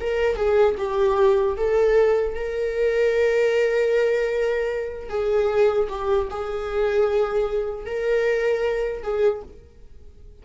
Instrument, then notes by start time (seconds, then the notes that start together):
viola
0.00 A#4
0.36 G#4
0.78 G4
1.57 A4
2.35 A#4
5.09 G#4
5.89 G4
6.30 G#4
7.85 A#4
9.03 G#4